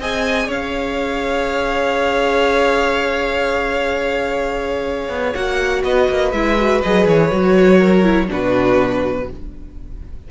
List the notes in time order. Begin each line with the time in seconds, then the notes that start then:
0.00 C4 G#4 D#5 G#5
0.47 C#4 C#5 F5
5.09 B3
5.34 A#3 F#4 F#5
5.84 B3 B4 D#5
6.09 A#3
6.32 G#3 E4 E5
6.58 F#4
6.83 F#3 G#4 D#5
7.07 E3 C#5
7.32 F#3 F#4
7.78 A#4
8.04 E4
8.28 B2 D4 F#4 B4